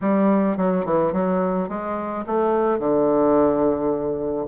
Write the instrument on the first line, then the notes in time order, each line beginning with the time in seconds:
bassoon
0.01 G3
0.57 F#3
0.85 E3
1.12 F#3
1.68 G#3
2.26 A3
2.79 D3